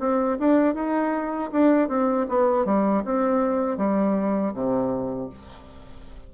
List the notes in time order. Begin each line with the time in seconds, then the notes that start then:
0.00 C4
0.40 D4
0.75 D#4
1.52 D4
1.89 C4
2.30 B3
2.65 G3
3.05 C4
3.78 G3
4.54 C3